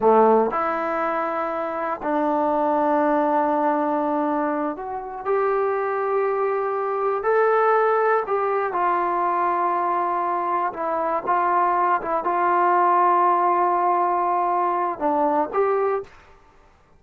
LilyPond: \new Staff \with { instrumentName = "trombone" } { \time 4/4 \tempo 4 = 120 a4 e'2. | d'1~ | d'4. fis'4 g'4.~ | g'2~ g'8 a'4.~ |
a'8 g'4 f'2~ f'8~ | f'4. e'4 f'4. | e'8 f'2.~ f'8~ | f'2 d'4 g'4 | }